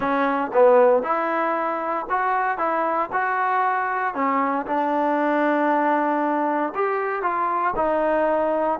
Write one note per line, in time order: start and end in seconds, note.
0.00 0.51 C#4
0.53 1.03 B3
1.03 2.06 E4
2.09 2.57 F#4
2.57 3.09 E4
3.12 4.14 F#4
4.14 4.66 C#4
4.66 6.73 D4
6.74 7.22 G4
7.22 7.74 F4
7.76 8.79 D#4